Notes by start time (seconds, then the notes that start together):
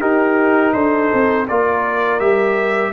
0.00 D#4 G4 A#4
0.73 D4 A4 C5
1.13 C4
1.48 A#3 F4 A#4 D5
2.19 G3 G4 E5